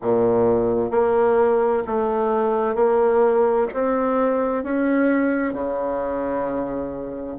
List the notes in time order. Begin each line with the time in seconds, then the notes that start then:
0.02 A#2
0.91 A#3
1.86 A3
2.74 A#3
3.73 C4
4.63 C#4
5.53 C#3